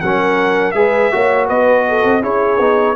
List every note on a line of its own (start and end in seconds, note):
0.00 0.74 F#3
0.00 0.75 C#4
0.00 0.76 A#4
0.00 0.71 F#5
0.71 1.11 G#3
0.71 1.12 G#4
0.71 1.13 B4
0.71 1.46 E5
1.12 1.49 A#3
1.12 2.22 F#4
1.12 1.47 C#5
1.47 2.04 B3
1.47 1.84 B4
1.47 2.23 D#5
1.88 2.22 A4
2.04 2.22 C4
2.22 2.59 C#4
2.22 2.59 E4
2.22 2.96 G#4
2.22 2.96 C#5
2.60 2.96 B3
2.60 2.96 D#4